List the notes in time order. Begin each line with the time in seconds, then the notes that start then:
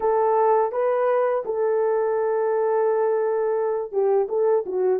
0.00 A4
0.71 B4
1.44 A4
3.92 G4
4.29 A4
4.66 F#4